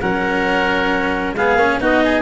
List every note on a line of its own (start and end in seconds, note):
0.00 1.34 F#3
0.00 1.36 C#4
0.00 1.36 A#4
0.00 1.34 F#5
1.34 1.54 G#3
1.34 1.58 B3
1.34 1.81 G#4
1.34 1.80 F5
1.54 1.77 A#3
1.54 1.80 C#4
1.80 2.22 B3
1.80 2.22 D#4
1.80 2.03 F#4
1.80 2.22 D#5
2.04 2.22 G#4